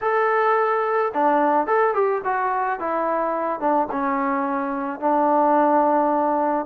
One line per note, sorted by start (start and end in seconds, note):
0.01 1.12 A4
1.14 1.66 D4
1.66 1.93 A4
1.93 2.21 G4
2.24 2.79 F#4
2.79 3.60 E4
3.60 3.87 D4
3.91 4.99 C#4
4.99 6.65 D4